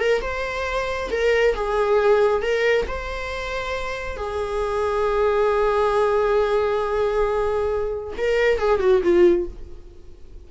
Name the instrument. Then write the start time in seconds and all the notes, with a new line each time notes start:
viola
0.00 A#4
0.22 C5
1.11 A#4
1.55 G#4
2.43 A#4
2.87 C5
4.17 G#4
8.18 A#4
8.59 G#4
8.80 F#4
9.04 F4